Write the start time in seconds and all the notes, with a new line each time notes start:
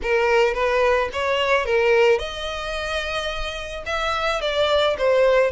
0.02 A#4
0.54 B4
1.12 C#5
1.65 A#4
2.18 D#5
3.86 E5
4.41 D5
4.97 C5